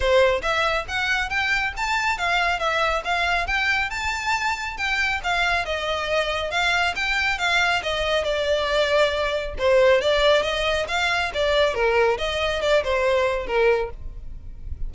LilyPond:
\new Staff \with { instrumentName = "violin" } { \time 4/4 \tempo 4 = 138 c''4 e''4 fis''4 g''4 | a''4 f''4 e''4 f''4 | g''4 a''2 g''4 | f''4 dis''2 f''4 |
g''4 f''4 dis''4 d''4~ | d''2 c''4 d''4 | dis''4 f''4 d''4 ais'4 | dis''4 d''8 c''4. ais'4 | }